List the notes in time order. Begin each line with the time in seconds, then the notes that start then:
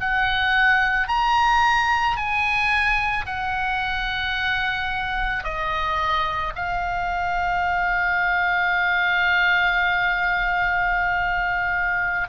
0.00 F#5
1.08 A#5
2.16 G#5
3.25 F#5
5.43 D#5
6.55 F5